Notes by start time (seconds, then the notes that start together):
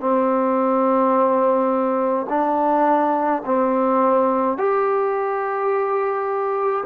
0.00 C4
2.29 D4
3.45 C4
4.57 G4